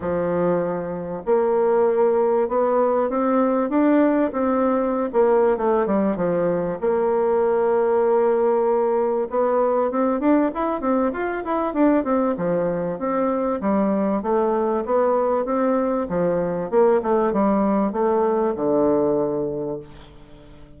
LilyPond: \new Staff \with { instrumentName = "bassoon" } { \time 4/4 \tempo 4 = 97 f2 ais2 | b4 c'4 d'4 c'4~ | c'16 ais8. a8 g8 f4 ais4~ | ais2. b4 |
c'8 d'8 e'8 c'8 f'8 e'8 d'8 c'8 | f4 c'4 g4 a4 | b4 c'4 f4 ais8 a8 | g4 a4 d2 | }